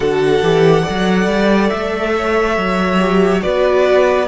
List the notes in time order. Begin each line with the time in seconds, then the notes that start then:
0.00 D3 F#4 A4 F#5
0.42 E3 G4
0.82 A4 D5
0.89 F#3
1.26 G3
1.69 A3 E5
2.16 C#5
2.56 F#3
2.99 G4
3.39 B3 F#4 B4 D5